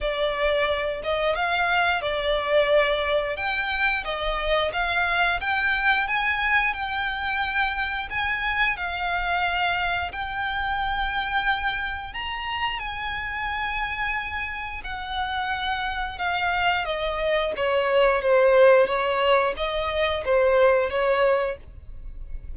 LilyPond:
\new Staff \with { instrumentName = "violin" } { \time 4/4 \tempo 4 = 89 d''4. dis''8 f''4 d''4~ | d''4 g''4 dis''4 f''4 | g''4 gis''4 g''2 | gis''4 f''2 g''4~ |
g''2 ais''4 gis''4~ | gis''2 fis''2 | f''4 dis''4 cis''4 c''4 | cis''4 dis''4 c''4 cis''4 | }